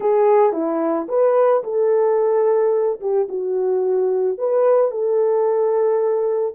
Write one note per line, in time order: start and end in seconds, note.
0.00 0.52 G#4
0.52 1.07 E4
1.08 1.63 B4
1.63 3.00 A4
3.00 3.27 G4
3.29 4.38 F#4
4.38 4.91 B4
4.91 6.55 A4